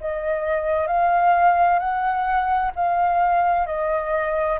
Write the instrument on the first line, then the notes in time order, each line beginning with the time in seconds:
flute
0.00 D#5
0.87 F5
1.79 F#5
2.76 F5
3.66 D#5